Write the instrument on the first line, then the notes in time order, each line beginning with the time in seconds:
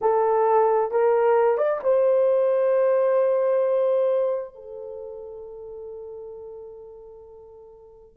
horn
0.01 A4
0.91 A#4
1.57 D5
1.83 C5
4.55 A4